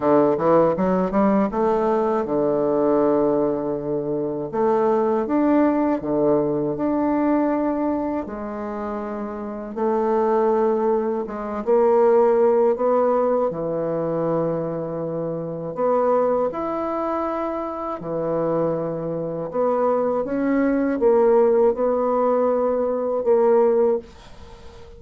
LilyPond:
\new Staff \with { instrumentName = "bassoon" } { \time 4/4 \tempo 4 = 80 d8 e8 fis8 g8 a4 d4~ | d2 a4 d'4 | d4 d'2 gis4~ | gis4 a2 gis8 ais8~ |
ais4 b4 e2~ | e4 b4 e'2 | e2 b4 cis'4 | ais4 b2 ais4 | }